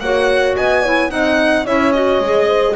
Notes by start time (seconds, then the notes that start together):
0.00 A#3 F#4 C#5 F#5
0.56 B3 D#5 G#5
0.83 E4 C#5
1.09 C4 D#4 D#5 F#5
1.65 C#4 E4 C#5 E5
1.93 F#4 D#5
2.20 G#3 G#4
2.47 C5